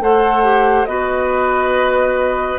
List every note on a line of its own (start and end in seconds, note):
0.00 0.87 A3
0.00 0.43 A4
0.00 0.89 C5
0.00 0.86 F#5
0.43 0.87 G4
0.86 2.59 B3
0.86 2.59 F#4
0.86 2.59 B4
0.86 2.59 D#5